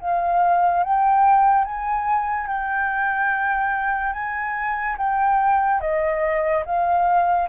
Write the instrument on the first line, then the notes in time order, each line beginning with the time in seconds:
flute
0.00 F5
0.83 G5
1.65 G#5
2.47 G5
4.13 G#5
4.98 G5
5.81 D#5
6.65 F5